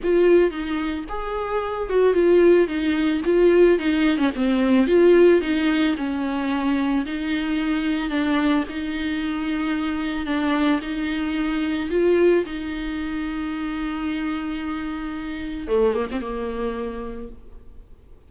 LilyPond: \new Staff \with { instrumentName = "viola" } { \time 4/4 \tempo 4 = 111 f'4 dis'4 gis'4. fis'8 | f'4 dis'4 f'4 dis'8. cis'16 | c'4 f'4 dis'4 cis'4~ | cis'4 dis'2 d'4 |
dis'2. d'4 | dis'2 f'4 dis'4~ | dis'1~ | dis'4 a8 ais16 c'16 ais2 | }